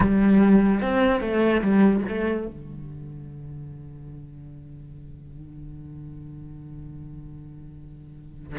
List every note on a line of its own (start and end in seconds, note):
0.00 0.81 G3
0.81 1.20 C4
1.20 1.61 A3
1.61 2.02 G3
2.08 2.47 A3
2.47 8.58 D3